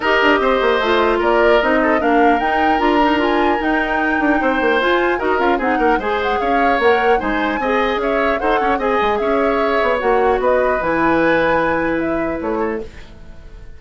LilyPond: <<
  \new Staff \with { instrumentName = "flute" } { \time 4/4 \tempo 4 = 150 dis''2. d''4 | dis''4 f''4 g''4 ais''4 | gis''4 g''2. | gis''4 dis''8 f''8 fis''4 gis''8 fis''8 |
f''4 fis''4 gis''2 | e''4 fis''4 gis''4 e''4~ | e''4 fis''4 dis''4 gis''4~ | gis''2 e''4 cis''4 | }
  \new Staff \with { instrumentName = "oboe" } { \time 4/4 ais'4 c''2 ais'4~ | ais'8 a'8 ais'2.~ | ais'2. c''4~ | c''4 ais'4 gis'8 ais'8 c''4 |
cis''2 c''4 dis''4 | cis''4 c''8 cis''8 dis''4 cis''4~ | cis''2 b'2~ | b'2.~ b'8 a'8 | }
  \new Staff \with { instrumentName = "clarinet" } { \time 4/4 g'2 f'2 | dis'4 d'4 dis'4 f'8 dis'8 | f'4 dis'2. | f'4 fis'8 f'8 dis'4 gis'4~ |
gis'4 ais'4 dis'4 gis'4~ | gis'4 a'4 gis'2~ | gis'4 fis'2 e'4~ | e'1 | }
  \new Staff \with { instrumentName = "bassoon" } { \time 4/4 dis'8 d'8 c'8 ais8 a4 ais4 | c'4 ais4 dis'4 d'4~ | d'4 dis'4. d'8 c'8 ais8 | f'4 dis'8 cis'8 c'8 ais8 gis4 |
cis'4 ais4 gis4 c'4 | cis'4 dis'8 cis'8 c'8 gis8 cis'4~ | cis'8 b8 ais4 b4 e4~ | e2. a4 | }
>>